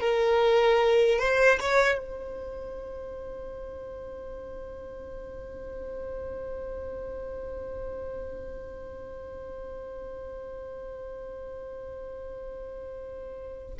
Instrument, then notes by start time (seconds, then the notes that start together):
violin
0.00 A#4
1.19 C5
1.60 C#5
1.98 C5